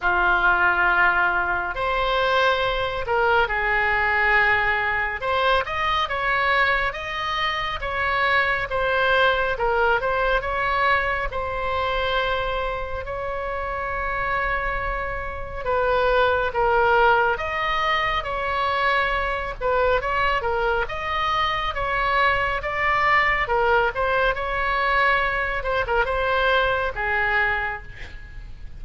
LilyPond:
\new Staff \with { instrumentName = "oboe" } { \time 4/4 \tempo 4 = 69 f'2 c''4. ais'8 | gis'2 c''8 dis''8 cis''4 | dis''4 cis''4 c''4 ais'8 c''8 | cis''4 c''2 cis''4~ |
cis''2 b'4 ais'4 | dis''4 cis''4. b'8 cis''8 ais'8 | dis''4 cis''4 d''4 ais'8 c''8 | cis''4. c''16 ais'16 c''4 gis'4 | }